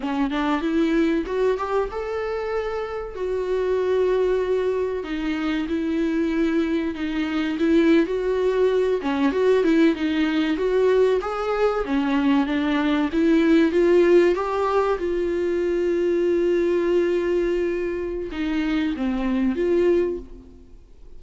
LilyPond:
\new Staff \with { instrumentName = "viola" } { \time 4/4 \tempo 4 = 95 cis'8 d'8 e'4 fis'8 g'8 a'4~ | a'4 fis'2. | dis'4 e'2 dis'4 | e'8. fis'4. cis'8 fis'8 e'8 dis'16~ |
dis'8. fis'4 gis'4 cis'4 d'16~ | d'8. e'4 f'4 g'4 f'16~ | f'1~ | f'4 dis'4 c'4 f'4 | }